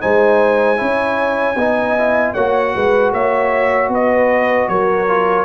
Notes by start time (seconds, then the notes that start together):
0.00 G#3 D#4 C5 G#5
0.76 C#4 E4 C#5
1.55 B3 D#4 D#5
1.98 E4
2.34 A#3 F#4 C#5 F#5
2.74 G#3 B4
3.12 A#3 C#5 E5
3.89 B3 B4 D#5
4.68 F#3 A#4 C#5
5.07 F4